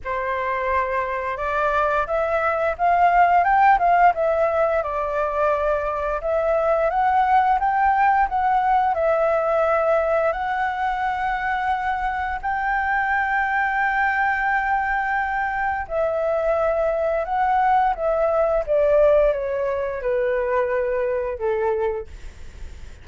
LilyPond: \new Staff \with { instrumentName = "flute" } { \time 4/4 \tempo 4 = 87 c''2 d''4 e''4 | f''4 g''8 f''8 e''4 d''4~ | d''4 e''4 fis''4 g''4 | fis''4 e''2 fis''4~ |
fis''2 g''2~ | g''2. e''4~ | e''4 fis''4 e''4 d''4 | cis''4 b'2 a'4 | }